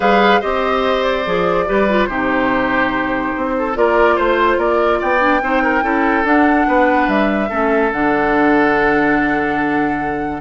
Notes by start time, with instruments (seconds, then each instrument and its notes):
0.00 bassoon G3, clarinet G#4, oboe B4, flute F5
0.40 bassoon C4, clarinet G4, oboe C5, flute D#5
1.03 flute D5
1.25 bassoon F3, clarinet G#4
1.66 bassoon G3, clarinet G4, oboe B4
1.89 clarinet F4
2.06 bassoon C3, clarinet D#4, oboe G4, flute C5
3.36 bassoon C4
3.58 oboe A4
3.74 bassoon A#3, clarinet F4, oboe A#4, flute D5
4.15 bassoon A3, oboe C5, flute C5
4.57 bassoon A#3, oboe A#4, flute D5
4.99 bassoon B3, oboe D5, flute G5
5.19 clarinet D4
5.41 bassoon C4, clarinet D#4, oboe C5
5.63 oboe A#4
5.82 bassoon C#4, clarinet E4, oboe A4
6.24 bassoon D4, clarinet D4, flute F#5
6.67 bassoon B3, oboe B4
7.07 bassoon G3, flute E5
7.49 bassoon A3, clarinet C#4, oboe A4
7.92 bassoon D3, clarinet D4, flute F#5